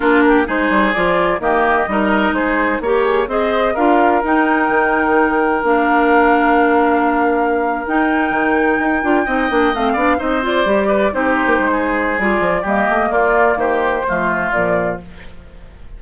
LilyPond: <<
  \new Staff \with { instrumentName = "flute" } { \time 4/4 \tempo 4 = 128 ais'4 c''4 d''4 dis''4~ | dis''4 c''4 ais'8 gis'8 dis''4 | f''4 g''2. | f''1~ |
f''8. g''2.~ g''16~ | g''8. f''4 dis''8 d''4. c''16~ | c''2 d''4 dis''4 | d''4 c''2 d''4 | }
  \new Staff \with { instrumentName = "oboe" } { \time 4/4 f'8 g'8 gis'2 g'4 | ais'4 gis'4 cis''4 c''4 | ais'1~ | ais'1~ |
ais'2.~ ais'8. dis''16~ | dis''4~ dis''16 d''8 c''4. b'8 g'16~ | g'4 gis'2 g'4 | f'4 g'4 f'2 | }
  \new Staff \with { instrumentName = "clarinet" } { \time 4/4 d'4 dis'4 f'4 ais4 | dis'2 g'4 gis'4 | f'4 dis'2. | d'1~ |
d'8. dis'2~ dis'8 f'8 dis'16~ | dis'16 d'8 c'8 d'8 dis'8 f'8 g'4 dis'16~ | dis'2 f'4 ais4~ | ais2 a4 f4 | }
  \new Staff \with { instrumentName = "bassoon" } { \time 4/4 ais4 gis8 g8 f4 dis4 | g4 gis4 ais4 c'4 | d'4 dis'4 dis2 | ais1~ |
ais8. dis'4 dis4 dis'8 d'8 c'16~ | c'16 ais8 a8 b8 c'4 g4 c'16~ | c'8 ais16 gis4~ gis16 g8 f8 g8 a8 | ais4 dis4 f4 ais,4 | }
>>